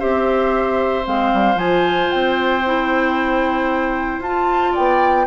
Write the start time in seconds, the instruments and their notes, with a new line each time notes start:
0.00 bassoon C4, clarinet G4, oboe C5, flute E5
1.04 bassoon G#3, clarinet C4, flute F5
1.34 bassoon G3
1.56 bassoon F3, clarinet F4, flute G#5
2.11 bassoon C4, flute G5
2.67 clarinet E4
4.20 bassoon F4, clarinet F4, flute A5
4.72 bassoon B3, oboe D5, flute G5